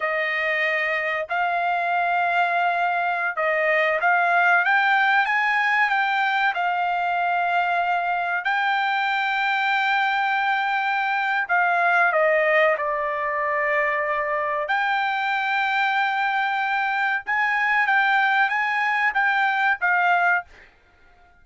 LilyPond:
\new Staff \with { instrumentName = "trumpet" } { \time 4/4 \tempo 4 = 94 dis''2 f''2~ | f''4~ f''16 dis''4 f''4 g''8.~ | g''16 gis''4 g''4 f''4.~ f''16~ | f''4~ f''16 g''2~ g''8.~ |
g''2 f''4 dis''4 | d''2. g''4~ | g''2. gis''4 | g''4 gis''4 g''4 f''4 | }